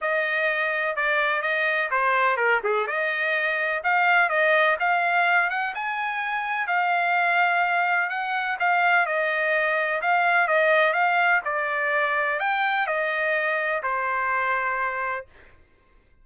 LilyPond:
\new Staff \with { instrumentName = "trumpet" } { \time 4/4 \tempo 4 = 126 dis''2 d''4 dis''4 | c''4 ais'8 gis'8 dis''2 | f''4 dis''4 f''4. fis''8 | gis''2 f''2~ |
f''4 fis''4 f''4 dis''4~ | dis''4 f''4 dis''4 f''4 | d''2 g''4 dis''4~ | dis''4 c''2. | }